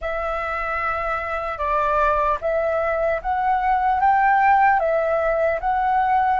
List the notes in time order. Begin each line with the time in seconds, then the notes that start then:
0.01 E5
1.57 D5
2.41 E5
3.21 F#5
4.00 G5
4.79 E5
5.60 F#5